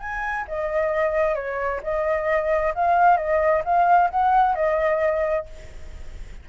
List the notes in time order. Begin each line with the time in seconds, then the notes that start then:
0.00 G#5
0.48 D#5
1.35 C#5
1.83 D#5
2.75 F5
3.17 D#5
3.65 F5
4.11 F#5
4.55 D#5